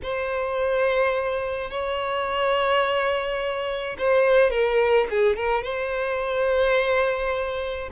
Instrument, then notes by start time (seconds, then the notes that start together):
violin
0.03 C5
1.70 C#5
3.98 C5
4.50 A#4
5.09 G#4
5.35 A#4
5.63 C5